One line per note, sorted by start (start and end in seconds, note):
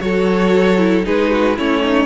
0.00 1.06 F#3
0.00 0.78 F#4
0.00 1.06 A4
0.00 1.05 C#5
0.78 1.03 E4
1.03 1.59 G#3
1.03 1.55 D#4
1.03 1.31 G#4
1.03 1.58 B4
1.31 1.57 F#4
1.57 2.06 A3
1.57 2.06 C#4
1.57 1.82 E4
1.57 2.06 C#5
1.82 2.06 D#4